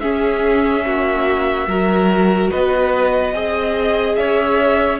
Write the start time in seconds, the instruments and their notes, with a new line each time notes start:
0.00 viola C#4, cello C#4, violin G#4 E5
0.85 cello A#3, violin F#4
1.67 cello F#3, viola F#4, violin A#4
2.50 cello B3, violin B4 D#5
3.33 cello C4, viola G#4, violin D#5
4.15 cello C#4, violin C#5 E5